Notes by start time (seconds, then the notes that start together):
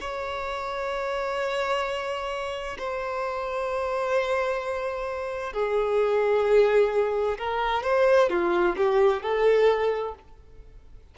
0.00 C#5
2.78 C5
5.53 G#4
7.38 A#4
7.83 C5
8.29 F4
8.77 G4
9.22 A4